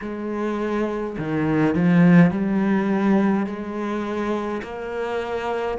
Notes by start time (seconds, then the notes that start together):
0.01 G#3
1.17 D#3
1.75 F3
2.31 G3
3.46 G#3
4.62 A#3